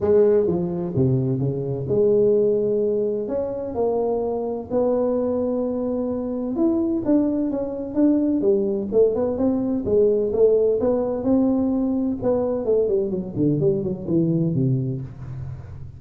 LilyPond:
\new Staff \with { instrumentName = "tuba" } { \time 4/4 \tempo 4 = 128 gis4 f4 c4 cis4 | gis2. cis'4 | ais2 b2~ | b2 e'4 d'4 |
cis'4 d'4 g4 a8 b8 | c'4 gis4 a4 b4 | c'2 b4 a8 g8 | fis8 d8 g8 fis8 e4 c4 | }